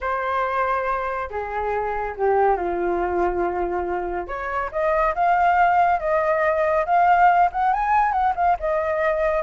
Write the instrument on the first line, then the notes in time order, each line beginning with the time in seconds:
flute
0.01 C5
1.30 G#4
2.16 G4
2.56 F4
4.27 C#5
4.71 D#5
5.14 F5
5.99 D#5
6.85 F5
7.52 F#5
7.73 G#5
8.12 F#5
8.35 F5
8.59 D#5